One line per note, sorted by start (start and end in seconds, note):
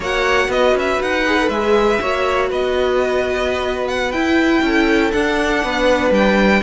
0.00 0.48 A#3
0.00 1.26 F#4
0.00 0.48 C#5
0.00 0.51 F#5
0.48 0.73 B3
0.48 2.01 B4
0.48 0.76 D#5
0.73 0.98 C#4
0.73 1.01 E5
1.01 1.48 D#4
1.01 1.49 F#5
1.26 1.38 G#4
1.40 1.52 A4
1.48 1.98 G#3
1.48 2.00 G#4
1.48 2.49 E5
2.00 2.51 A#3
2.00 4.13 F#4
2.00 2.49 C#5
2.49 4.13 B3
2.49 4.62 B4
2.49 3.87 D#5
3.87 4.11 F#5
4.11 4.61 E4
4.11 5.12 E4
4.11 5.11 G5
4.61 5.11 C#4
4.61 5.64 A4
5.11 6.62 D4
5.11 5.63 D4
5.11 6.11 F#5
5.63 6.10 B3
5.63 6.63 B4
6.10 6.60 G3
6.10 6.63 G5